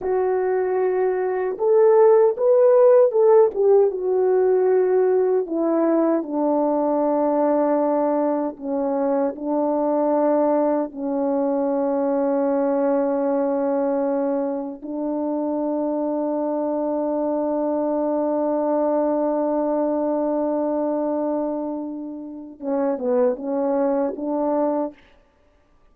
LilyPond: \new Staff \with { instrumentName = "horn" } { \time 4/4 \tempo 4 = 77 fis'2 a'4 b'4 | a'8 g'8 fis'2 e'4 | d'2. cis'4 | d'2 cis'2~ |
cis'2. d'4~ | d'1~ | d'1~ | d'4 cis'8 b8 cis'4 d'4 | }